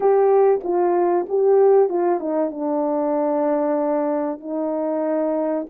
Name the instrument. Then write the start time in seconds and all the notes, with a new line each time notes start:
horn
0.00 G4
0.63 F4
1.29 G4
1.89 F4
2.20 D#4
2.50 D4
4.40 D#4